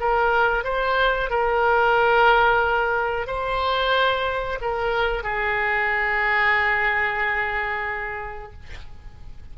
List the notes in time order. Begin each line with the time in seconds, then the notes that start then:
0.00 A#4
0.64 C5
1.30 A#4
3.27 C5
4.61 A#4
5.23 G#4